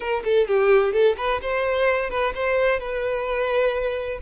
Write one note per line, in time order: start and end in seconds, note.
0.00 0.23 A#4
0.24 0.47 A4
0.47 0.92 G4
0.92 1.15 A4
1.17 1.40 B4
1.41 2.10 C5
2.10 2.33 B4
2.34 2.79 C5
2.79 4.19 B4